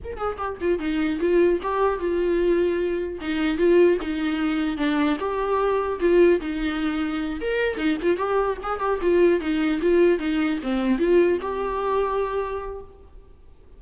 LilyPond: \new Staff \with { instrumentName = "viola" } { \time 4/4 \tempo 4 = 150 ais'8 gis'8 g'8 f'8 dis'4 f'4 | g'4 f'2. | dis'4 f'4 dis'2 | d'4 g'2 f'4 |
dis'2~ dis'8 ais'4 dis'8 | f'8 g'4 gis'8 g'8 f'4 dis'8~ | dis'8 f'4 dis'4 c'4 f'8~ | f'8 g'2.~ g'8 | }